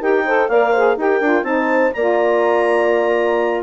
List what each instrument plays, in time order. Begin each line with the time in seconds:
0.00 bassoon D#4, saxophone G4, horn A#4, clarinet G5
0.26 saxophone A4, horn C5
0.48 bassoon A#3, saxophone A#4, horn D5, clarinet F5
0.72 saxophone G#4, horn C5
0.97 bassoon D#4, saxophone G4, horn A#4, clarinet G5
1.21 bassoon D4, saxophone F4
1.43 bassoon C4, saxophone D#4, horn C5, clarinet A5
1.93 bassoon A#3, saxophone F4, horn D5, clarinet A#5